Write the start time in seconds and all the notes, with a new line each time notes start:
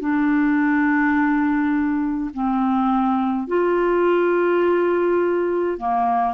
0.00 D4
2.34 C4
3.48 F4
5.78 A#3